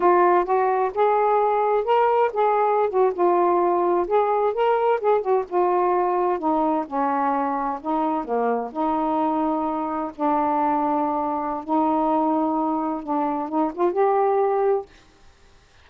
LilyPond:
\new Staff \with { instrumentName = "saxophone" } { \time 4/4 \tempo 4 = 129 f'4 fis'4 gis'2 | ais'4 gis'4~ gis'16 fis'8 f'4~ f'16~ | f'8. gis'4 ais'4 gis'8 fis'8 f'16~ | f'4.~ f'16 dis'4 cis'4~ cis'16~ |
cis'8. dis'4 ais4 dis'4~ dis'16~ | dis'4.~ dis'16 d'2~ d'16~ | d'4 dis'2. | d'4 dis'8 f'8 g'2 | }